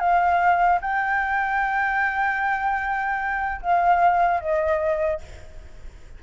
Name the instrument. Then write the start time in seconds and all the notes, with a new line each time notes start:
flute
0.00 F5
0.81 G5
3.62 F5
4.41 D#5